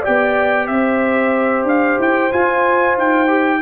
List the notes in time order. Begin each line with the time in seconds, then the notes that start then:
0.00 G4 D5 G5
0.07 B3
0.67 C4 C5 E5
1.64 D4 F5
1.99 E4 G5
2.32 F4 G#5
2.97 D#4 G5
3.27 G4